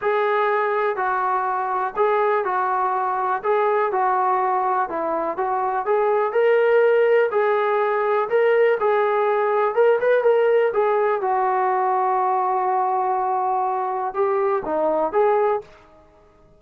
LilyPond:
\new Staff \with { instrumentName = "trombone" } { \time 4/4 \tempo 4 = 123 gis'2 fis'2 | gis'4 fis'2 gis'4 | fis'2 e'4 fis'4 | gis'4 ais'2 gis'4~ |
gis'4 ais'4 gis'2 | ais'8 b'8 ais'4 gis'4 fis'4~ | fis'1~ | fis'4 g'4 dis'4 gis'4 | }